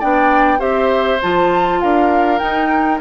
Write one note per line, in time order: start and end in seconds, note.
0.00 0.60 B3
0.00 0.59 D4
0.00 0.59 D5
0.00 0.61 G5
0.59 1.21 C4
0.59 1.19 G4
0.59 1.79 C5
0.59 1.21 E5
1.22 1.83 F3
1.22 2.40 F4
1.22 1.81 A5
1.81 2.41 D4
1.81 3.01 A#4
1.81 2.39 F5
2.39 3.00 D#4
2.39 3.01 D#4
2.39 2.99 G5